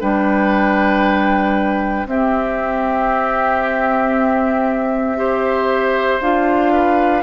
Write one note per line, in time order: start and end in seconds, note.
0.00 2.06 G3
0.00 2.07 D4
0.00 2.07 B4
0.00 2.08 G5
2.06 6.19 C4
2.06 5.17 C4
2.06 5.18 G4
2.06 6.21 E5
5.17 6.20 G4
5.17 6.72 C5
6.20 7.23 D4
6.20 7.23 F4
6.20 7.23 F5
6.72 7.23 B4